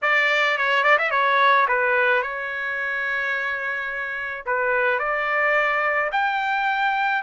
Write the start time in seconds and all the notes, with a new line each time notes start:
0.02 D5
0.57 C#5
0.83 D5
0.98 E5
1.10 C#5
1.67 B4
2.22 C#5
4.46 B4
4.98 D5
6.12 G5